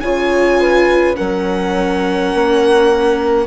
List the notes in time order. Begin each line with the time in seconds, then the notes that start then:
0.00 C#3 F4 C#5 G#5
0.60 B4
1.16 F#3 C#4 A#4 F#5
2.34 A#3